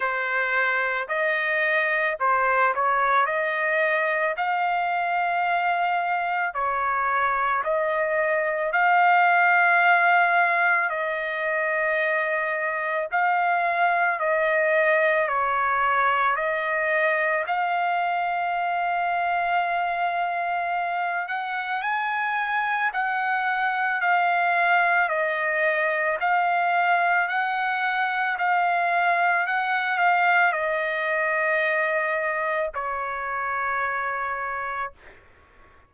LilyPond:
\new Staff \with { instrumentName = "trumpet" } { \time 4/4 \tempo 4 = 55 c''4 dis''4 c''8 cis''8 dis''4 | f''2 cis''4 dis''4 | f''2 dis''2 | f''4 dis''4 cis''4 dis''4 |
f''2.~ f''8 fis''8 | gis''4 fis''4 f''4 dis''4 | f''4 fis''4 f''4 fis''8 f''8 | dis''2 cis''2 | }